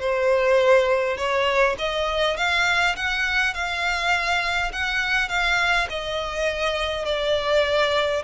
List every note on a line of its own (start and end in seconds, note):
0.00 1.17 C5
1.17 1.76 C#5
1.79 2.37 D#5
2.37 2.96 F5
2.96 3.54 F#5
3.54 4.72 F5
4.72 5.29 F#5
5.29 5.88 F5
5.90 7.05 D#5
7.05 8.23 D5